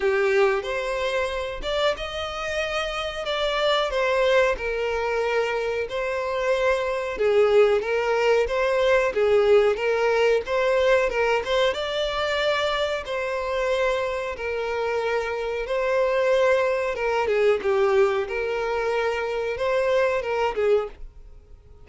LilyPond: \new Staff \with { instrumentName = "violin" } { \time 4/4 \tempo 4 = 92 g'4 c''4. d''8 dis''4~ | dis''4 d''4 c''4 ais'4~ | ais'4 c''2 gis'4 | ais'4 c''4 gis'4 ais'4 |
c''4 ais'8 c''8 d''2 | c''2 ais'2 | c''2 ais'8 gis'8 g'4 | ais'2 c''4 ais'8 gis'8 | }